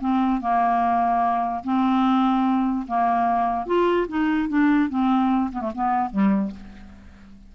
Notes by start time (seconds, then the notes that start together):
0.00 C4
0.41 A#3
1.63 C4
2.87 A#3
3.66 F4
4.08 D#4
4.48 D4
4.89 C4
5.52 B3
5.61 A3
5.74 B3
6.10 G3